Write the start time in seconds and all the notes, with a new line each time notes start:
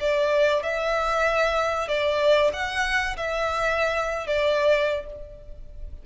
0.00 D5
0.63 E5
1.88 D5
2.53 F#5
3.17 E5
4.27 D5